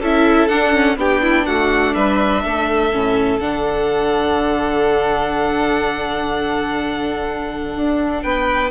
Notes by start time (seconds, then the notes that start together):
0.00 C#4 E4 A4 E5
0.48 D4 F#5
0.73 C#4
0.97 B3 D4 G4 G5
1.23 E4
1.46 A3 F#4 F#5
1.95 G3 B4 E5
2.44 A3 A4
2.93 A2 C#4
3.40 D3 D4 F#5
7.76 D4
8.23 B3 B4 G5